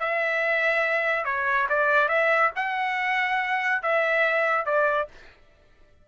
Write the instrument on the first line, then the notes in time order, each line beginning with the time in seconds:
trumpet
0.00 E5
1.25 C#5
1.70 D5
2.09 E5
2.56 F#5
3.83 E5
4.66 D5